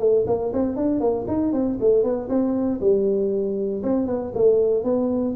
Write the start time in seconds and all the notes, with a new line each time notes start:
0.00 A3
0.27 A#3
0.54 C4
0.77 D4
1.01 A#3
1.28 D#4
1.53 C4
1.81 A3
2.04 B3
2.30 C4
2.81 G3
3.83 C4
4.07 B3
4.35 A3
4.84 B3